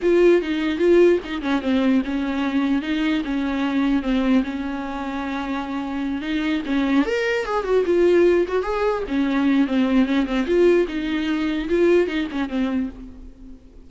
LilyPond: \new Staff \with { instrumentName = "viola" } { \time 4/4 \tempo 4 = 149 f'4 dis'4 f'4 dis'8 cis'8 | c'4 cis'2 dis'4 | cis'2 c'4 cis'4~ | cis'2.~ cis'8 dis'8~ |
dis'8 cis'4 ais'4 gis'8 fis'8 f'8~ | f'4 fis'8 gis'4 cis'4. | c'4 cis'8 c'8 f'4 dis'4~ | dis'4 f'4 dis'8 cis'8 c'4 | }